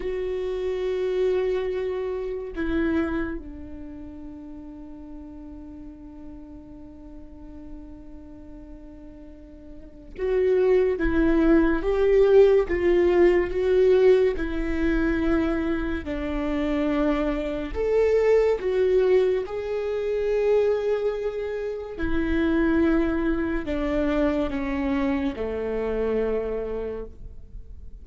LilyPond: \new Staff \with { instrumentName = "viola" } { \time 4/4 \tempo 4 = 71 fis'2. e'4 | d'1~ | d'1 | fis'4 e'4 g'4 f'4 |
fis'4 e'2 d'4~ | d'4 a'4 fis'4 gis'4~ | gis'2 e'2 | d'4 cis'4 a2 | }